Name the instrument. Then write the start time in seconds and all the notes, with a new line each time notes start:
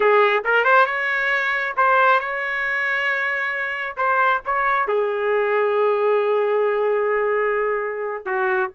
trumpet
0.00 G#4
0.44 A#4
0.64 C5
0.86 C#5
1.76 C5
2.19 C#5
3.97 C5
4.45 C#5
4.87 G#4
8.25 F#4